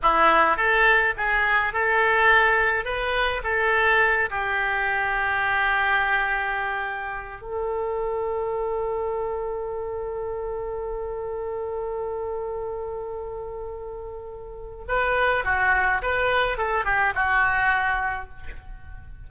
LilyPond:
\new Staff \with { instrumentName = "oboe" } { \time 4/4 \tempo 4 = 105 e'4 a'4 gis'4 a'4~ | a'4 b'4 a'4. g'8~ | g'1~ | g'4 a'2.~ |
a'1~ | a'1~ | a'2 b'4 fis'4 | b'4 a'8 g'8 fis'2 | }